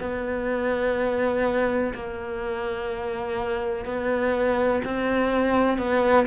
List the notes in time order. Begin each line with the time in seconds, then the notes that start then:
0.00 B3
1.95 A#3
3.86 B3
4.85 C4
5.78 B3